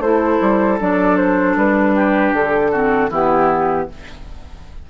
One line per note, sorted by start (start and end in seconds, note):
0.00 0.38 A3
0.00 0.79 E4
0.00 1.96 A4
0.00 0.79 C5
0.42 0.80 G3
0.79 1.57 F#3
0.79 2.72 D4
0.79 1.17 D5
1.17 1.56 C5
1.57 2.33 G3
1.57 2.35 B4
1.96 2.72 G4
2.33 3.10 D3
2.33 3.12 A4
2.72 3.11 C4
2.72 3.10 F#4
3.10 3.88 E3
3.10 3.89 B3
3.10 3.87 E4
3.10 3.90 G4